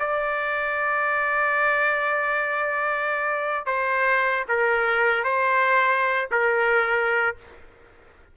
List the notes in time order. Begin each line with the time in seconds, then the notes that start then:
0.00 D5
3.67 C5
4.49 A#4
5.24 C5
6.31 A#4